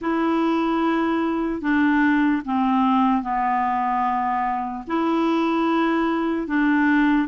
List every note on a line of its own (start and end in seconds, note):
0.01 1.61 E4
1.61 2.42 D4
2.45 3.22 C4
3.22 4.84 B3
4.87 6.46 E4
6.46 7.28 D4